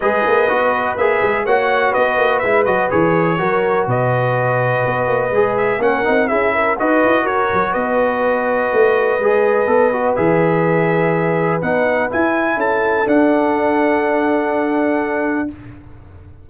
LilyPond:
<<
  \new Staff \with { instrumentName = "trumpet" } { \time 4/4 \tempo 4 = 124 dis''2 e''4 fis''4 | dis''4 e''8 dis''8 cis''2 | dis''2.~ dis''8 e''8 | fis''4 e''4 dis''4 cis''4 |
dis''1~ | dis''4 e''2. | fis''4 gis''4 a''4 fis''4~ | fis''1 | }
  \new Staff \with { instrumentName = "horn" } { \time 4/4 b'2. cis''4 | b'2. ais'4 | b'1 | ais'4 gis'8 ais'8 b'4 ais'4 |
b'1~ | b'1~ | b'2 a'2~ | a'1 | }
  \new Staff \with { instrumentName = "trombone" } { \time 4/4 gis'4 fis'4 gis'4 fis'4~ | fis'4 e'8 fis'8 gis'4 fis'4~ | fis'2. gis'4 | cis'8 dis'8 e'4 fis'2~ |
fis'2. gis'4 | a'8 fis'8 gis'2. | dis'4 e'2 d'4~ | d'1 | }
  \new Staff \with { instrumentName = "tuba" } { \time 4/4 gis8 ais8 b4 ais8 gis8 ais4 | b8 ais8 gis8 fis8 e4 fis4 | b,2 b8 ais8 gis4 | ais8 c'8 cis'4 dis'8 e'8 fis'8 fis8 |
b2 a4 gis4 | b4 e2. | b4 e'4 cis'4 d'4~ | d'1 | }
>>